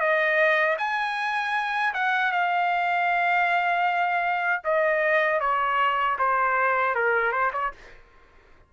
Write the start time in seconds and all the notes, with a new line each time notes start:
0.00 D#5
0.79 G#5
1.94 F#5
2.32 F5
4.64 D#5
5.41 C#5
6.19 C5
6.95 A#4
7.33 C5
7.53 C#5